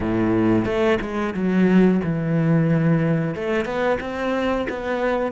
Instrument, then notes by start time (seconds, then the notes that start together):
cello
0.00 A2
0.65 A3
1.01 G#3
1.34 F#3
2.03 E3
3.35 A3
3.65 B3
4.00 C4
4.69 B3